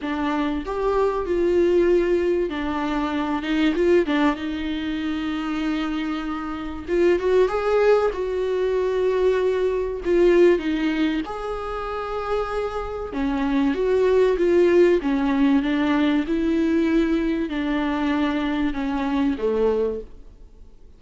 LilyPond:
\new Staff \with { instrumentName = "viola" } { \time 4/4 \tempo 4 = 96 d'4 g'4 f'2 | d'4. dis'8 f'8 d'8 dis'4~ | dis'2. f'8 fis'8 | gis'4 fis'2. |
f'4 dis'4 gis'2~ | gis'4 cis'4 fis'4 f'4 | cis'4 d'4 e'2 | d'2 cis'4 a4 | }